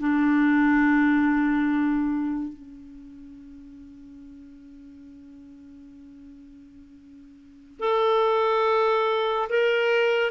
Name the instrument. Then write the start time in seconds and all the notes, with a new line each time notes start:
clarinet
0.00 D4
2.54 C#4
7.80 A4
9.50 A#4